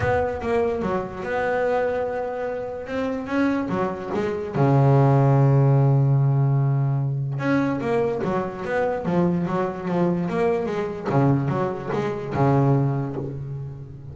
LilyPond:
\new Staff \with { instrumentName = "double bass" } { \time 4/4 \tempo 4 = 146 b4 ais4 fis4 b4~ | b2. c'4 | cis'4 fis4 gis4 cis4~ | cis1~ |
cis2 cis'4 ais4 | fis4 b4 f4 fis4 | f4 ais4 gis4 cis4 | fis4 gis4 cis2 | }